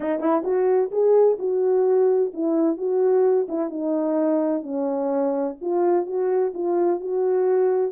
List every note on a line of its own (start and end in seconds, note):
0.00 0.19 D#4
0.19 0.43 E4
0.44 0.90 F#4
0.91 1.37 G#4
1.38 2.31 F#4
2.33 2.77 E4
2.77 3.47 F#4
3.48 3.70 E4
3.70 4.62 D#4
4.62 5.55 C#4
5.61 6.06 F4
6.06 6.52 F#4
6.53 7.00 F4
7.00 7.91 F#4